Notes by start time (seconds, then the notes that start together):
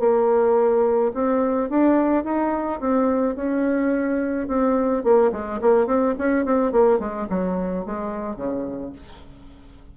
0.00 A#3
1.15 C4
1.70 D4
2.24 D#4
2.80 C4
3.36 C#4
4.48 C4
5.04 A#3
5.32 G#3
5.62 A#3
5.87 C4
6.19 C#4
6.45 C4
6.72 A#3
7.00 G#3
7.30 F#3
7.86 G#3
8.37 C#3